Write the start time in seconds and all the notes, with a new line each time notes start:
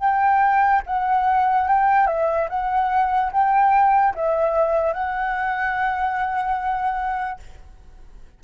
0.00 G5
0.87 F#5
1.68 G5
2.07 E5
2.50 F#5
3.32 G5
4.15 E5
4.94 F#5